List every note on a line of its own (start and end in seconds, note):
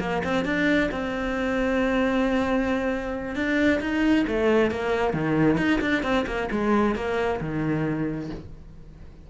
0.00 0.22 A#3
0.24 0.45 C4
0.45 0.90 D4
0.91 3.35 C4
3.35 3.80 D4
3.80 4.25 D#4
4.27 4.71 A3
4.71 5.13 A#3
5.13 5.57 D#3
5.57 5.80 D#4
5.81 6.03 D4
6.03 6.25 C4
6.27 6.49 A#3
6.51 6.95 G#3
6.95 7.40 A#3
7.40 8.30 D#3